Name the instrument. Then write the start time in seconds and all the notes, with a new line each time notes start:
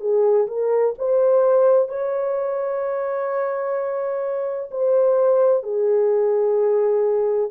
horn
0.00 G#4
0.47 A#4
0.98 C5
1.89 C#5
4.71 C5
5.63 G#4